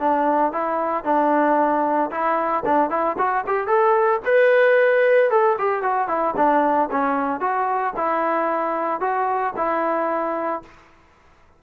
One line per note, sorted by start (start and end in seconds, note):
0.00 0.53 D4
0.53 1.05 E4
1.05 2.11 D4
2.11 2.64 E4
2.66 2.90 D4
2.90 3.17 E4
3.19 3.45 F#4
3.47 3.68 G4
3.68 4.21 A4
4.26 5.31 B4
5.31 5.57 A4
5.59 5.83 G4
5.83 6.08 F#4
6.08 6.35 E4
6.37 6.90 D4
6.92 7.41 C#4
7.41 7.94 F#4
7.97 9.01 E4
9.01 9.54 F#4
9.57 10.63 E4